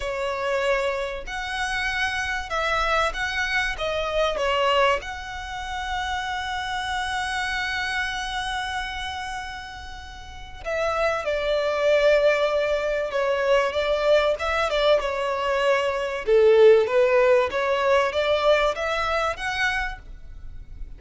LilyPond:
\new Staff \with { instrumentName = "violin" } { \time 4/4 \tempo 4 = 96 cis''2 fis''2 | e''4 fis''4 dis''4 cis''4 | fis''1~ | fis''1~ |
fis''4 e''4 d''2~ | d''4 cis''4 d''4 e''8 d''8 | cis''2 a'4 b'4 | cis''4 d''4 e''4 fis''4 | }